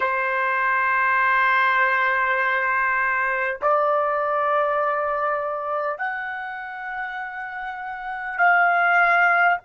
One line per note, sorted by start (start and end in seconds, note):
0.00 3.59 C5
3.61 5.98 D5
5.98 8.38 F#5
8.38 9.58 F5